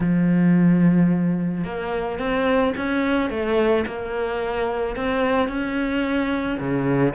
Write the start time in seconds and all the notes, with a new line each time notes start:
0.00 F3
1.64 A#3
2.18 C4
2.76 C#4
3.30 A3
3.86 A#3
4.95 C4
5.48 C#4
6.59 C#3